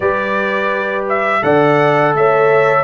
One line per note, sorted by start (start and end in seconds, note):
0.00 1.41 G3
0.00 1.42 G4
0.00 1.42 B4
0.00 1.05 D5
1.09 1.43 E5
1.42 2.13 D3
1.42 2.84 A4
1.42 2.14 D5
1.42 2.14 F#5
2.13 2.84 A3
2.13 2.84 C#5
2.13 2.84 E5